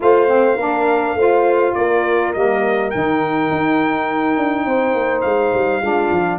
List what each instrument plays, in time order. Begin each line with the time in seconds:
0.00 tuba A3, saxophone F4, horn C5, trumpet F5
0.27 saxophone C4
0.56 tuba A#3, saxophone D4, horn A#4
1.14 tuba A3, saxophone F4, horn C5
1.74 tuba A#3, horn A#4, trumpet D5
2.33 tuba G3, saxophone A#3, trumpet D#5
2.90 tuba D#3, saxophone D#4, trumpet G5
3.50 tuba D#4
4.37 tuba D4
4.65 tuba C4, horn C5
4.94 tuba A#3
5.21 tuba G#3, trumpet F5
5.54 tuba G3
5.81 tuba G#3, saxophone D4, horn F4
6.11 tuba F3